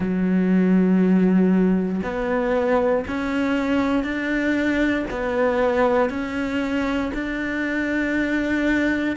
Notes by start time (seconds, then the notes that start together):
0.00 F#3
2.03 B3
3.07 C#4
4.03 D4
5.10 B3
6.09 C#4
7.14 D4